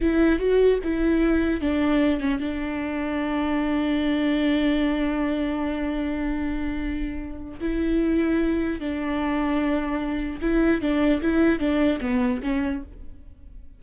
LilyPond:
\new Staff \with { instrumentName = "viola" } { \time 4/4 \tempo 4 = 150 e'4 fis'4 e'2 | d'4. cis'8 d'2~ | d'1~ | d'1~ |
d'2. e'4~ | e'2 d'2~ | d'2 e'4 d'4 | e'4 d'4 b4 cis'4 | }